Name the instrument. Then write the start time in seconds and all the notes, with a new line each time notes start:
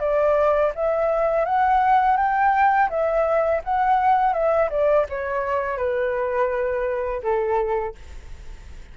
flute
0.00 D5
0.75 E5
1.46 F#5
2.18 G5
2.90 E5
3.64 F#5
4.34 E5
4.71 D5
5.10 C#5
5.78 B4
7.23 A4